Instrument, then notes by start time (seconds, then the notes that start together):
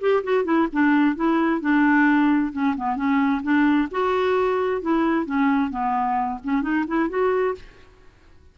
clarinet
0.00 G4
0.23 F#4
0.44 E4
0.72 D4
1.15 E4
1.60 D4
2.52 C#4
2.76 B3
2.96 C#4
3.42 D4
3.91 F#4
4.81 E4
5.25 C#4
5.70 B3
6.43 C#4
6.62 D#4
6.87 E4
7.09 F#4